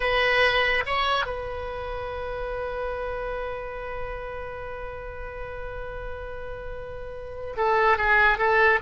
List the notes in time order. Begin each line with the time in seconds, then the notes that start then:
0.00 B4
0.85 C#5
1.25 B4
7.56 A4
7.97 G#4
8.37 A4